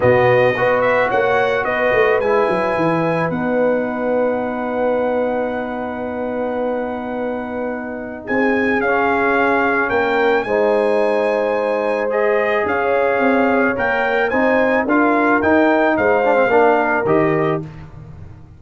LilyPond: <<
  \new Staff \with { instrumentName = "trumpet" } { \time 4/4 \tempo 4 = 109 dis''4. e''8 fis''4 dis''4 | gis''2 fis''2~ | fis''1~ | fis''2. gis''4 |
f''2 g''4 gis''4~ | gis''2 dis''4 f''4~ | f''4 g''4 gis''4 f''4 | g''4 f''2 dis''4 | }
  \new Staff \with { instrumentName = "horn" } { \time 4/4 fis'4 b'4 cis''4 b'4~ | b'1~ | b'1~ | b'2. gis'4~ |
gis'2 ais'4 c''4~ | c''2. cis''4~ | cis''2 c''4 ais'4~ | ais'4 c''4 ais'2 | }
  \new Staff \with { instrumentName = "trombone" } { \time 4/4 b4 fis'2. | e'2 dis'2~ | dis'1~ | dis'1 |
cis'2. dis'4~ | dis'2 gis'2~ | gis'4 ais'4 dis'4 f'4 | dis'4. d'16 c'16 d'4 g'4 | }
  \new Staff \with { instrumentName = "tuba" } { \time 4/4 b,4 b4 ais4 b8 a8 | gis8 fis8 e4 b2~ | b1~ | b2. c'4 |
cis'2 ais4 gis4~ | gis2. cis'4 | c'4 ais4 c'4 d'4 | dis'4 gis4 ais4 dis4 | }
>>